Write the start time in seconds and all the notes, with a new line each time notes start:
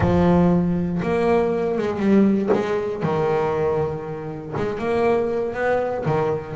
0.00 F3
1.02 A#3
1.77 G#3
1.99 G3
2.53 G#3
3.03 D#3
4.56 G#3
4.78 A#3
5.53 B3
6.05 D#3